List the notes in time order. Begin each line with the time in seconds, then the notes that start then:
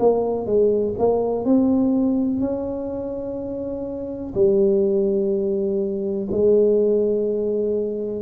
0.00 A#3
0.47 G#3
0.99 A#3
1.45 C4
2.40 C#4
4.35 G3
6.32 G#3